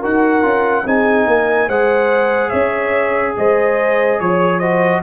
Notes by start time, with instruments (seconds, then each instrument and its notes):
0.00 tuba D#4, trombone F#4, horn A#4, trumpet F#5
0.41 tuba C#4, trombone F4
0.85 tuba C4, trombone D#4, horn G#4, trumpet G#5
1.26 tuba A#3, horn A#4
1.68 tuba G#3, trombone G#4, horn C5, trumpet F#5
2.49 tuba C#4, horn C#5, trumpet E5
3.37 tuba G#3, horn C5, trumpet D#5
4.20 tuba F3, trumpet C#5, horn C#5
4.59 trombone F#4, horn C5, trumpet D#5